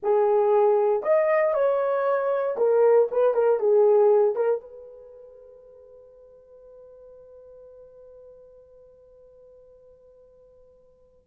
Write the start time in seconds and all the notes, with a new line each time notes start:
0.03 G#4
1.03 D#5
1.53 C#5
2.57 A#4
3.11 B4
3.34 A#4
3.59 G#4
4.35 A#4
4.60 B4